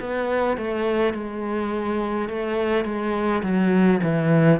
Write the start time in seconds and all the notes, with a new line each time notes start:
0.00 B3
0.57 A3
1.14 G#3
2.29 A3
2.85 G#3
3.43 F#3
4.03 E3